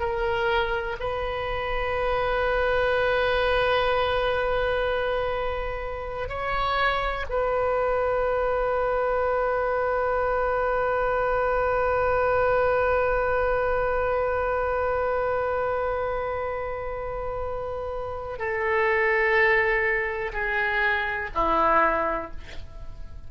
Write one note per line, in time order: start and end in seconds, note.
0.00 0.97 A#4
1.00 6.29 B4
6.29 7.26 C#5
7.30 18.39 B4
18.39 20.32 A4
20.33 21.30 G#4
21.35 22.32 E4